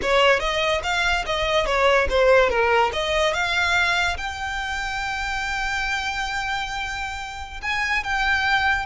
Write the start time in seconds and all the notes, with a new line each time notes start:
0.02 C#5
0.39 D#5
0.83 F5
1.26 D#5
1.66 C#5
2.09 C5
2.49 A#4
2.93 D#5
3.33 F5
4.17 G5
7.62 G#5
8.03 G5